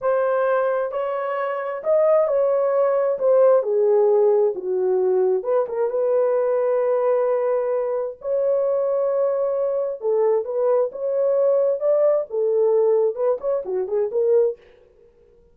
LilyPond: \new Staff \with { instrumentName = "horn" } { \time 4/4 \tempo 4 = 132 c''2 cis''2 | dis''4 cis''2 c''4 | gis'2 fis'2 | b'8 ais'8 b'2.~ |
b'2 cis''2~ | cis''2 a'4 b'4 | cis''2 d''4 a'4~ | a'4 b'8 cis''8 fis'8 gis'8 ais'4 | }